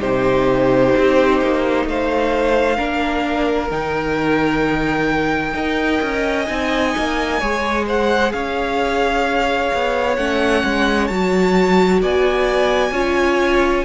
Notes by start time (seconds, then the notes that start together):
0.00 C3 D#4 G4 C5
0.98 C4
1.41 A#3
1.86 A3 C5 F5
2.77 A#3 D4 A#4
3.70 D#3 D#4 G5
5.54 D#4 A#4 D#5
6.02 C#4
6.46 C4 D#4 G#5
6.98 A#3
7.39 G#3 G#4 C#5
7.86 C5 F#5
8.32 C#4 C#5 F5
9.74 B3
10.16 A3 C#4 F#5
10.64 G#3
11.07 F#3 F#4 A5
12.02 B3 D5 G#5
12.91 C#4 F4 C#5